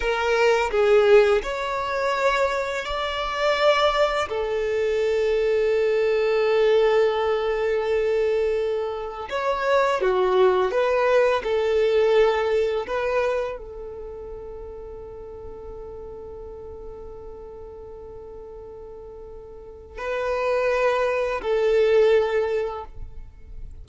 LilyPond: \new Staff \with { instrumentName = "violin" } { \time 4/4 \tempo 4 = 84 ais'4 gis'4 cis''2 | d''2 a'2~ | a'1~ | a'4 cis''4 fis'4 b'4 |
a'2 b'4 a'4~ | a'1~ | a'1 | b'2 a'2 | }